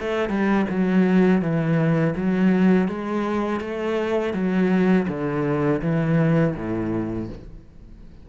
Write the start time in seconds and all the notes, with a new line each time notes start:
0.00 A3
0.30 G3
0.70 F#3
1.42 E3
2.17 F#3
2.89 G#3
3.61 A3
4.34 F#3
5.09 D3
5.82 E3
6.57 A2